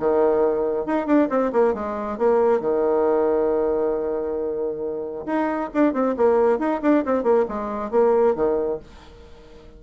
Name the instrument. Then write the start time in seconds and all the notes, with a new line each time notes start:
bassoon
0.00 D#3
0.86 D#4
1.07 D4
1.30 C4
1.53 A#3
1.75 G#3
2.18 A#3
2.61 D#3
5.26 D#4
5.75 D4
5.94 C4
6.17 A#3
6.59 D#4
6.83 D4
7.06 C4
7.24 A#3
7.49 G#3
7.91 A#3
8.36 D#3